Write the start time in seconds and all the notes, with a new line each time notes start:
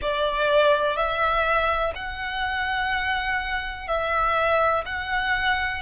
0.01 D5
0.96 E5
1.95 F#5
3.87 E5
4.85 F#5